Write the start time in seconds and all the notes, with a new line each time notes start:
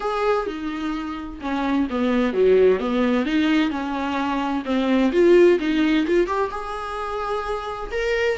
0.00 G#4
0.46 D#4
1.41 C#4
1.89 B3
2.33 F#3
2.79 B3
3.25 D#4
3.70 C#4
4.65 C4
5.12 F4
5.59 D#4
6.07 F4
6.26 G4
6.51 G#4
7.91 A#4